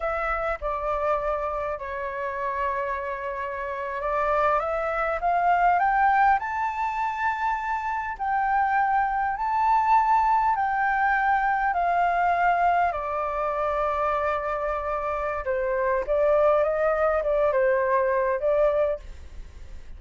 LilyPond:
\new Staff \with { instrumentName = "flute" } { \time 4/4 \tempo 4 = 101 e''4 d''2 cis''4~ | cis''2~ cis''8. d''4 e''16~ | e''8. f''4 g''4 a''4~ a''16~ | a''4.~ a''16 g''2 a''16~ |
a''4.~ a''16 g''2 f''16~ | f''4.~ f''16 d''2~ d''16~ | d''2 c''4 d''4 | dis''4 d''8 c''4. d''4 | }